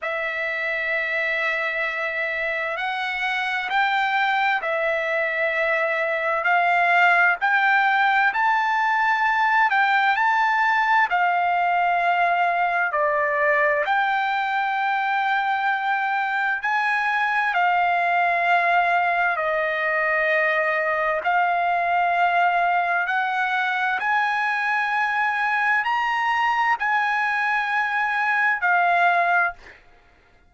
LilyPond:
\new Staff \with { instrumentName = "trumpet" } { \time 4/4 \tempo 4 = 65 e''2. fis''4 | g''4 e''2 f''4 | g''4 a''4. g''8 a''4 | f''2 d''4 g''4~ |
g''2 gis''4 f''4~ | f''4 dis''2 f''4~ | f''4 fis''4 gis''2 | ais''4 gis''2 f''4 | }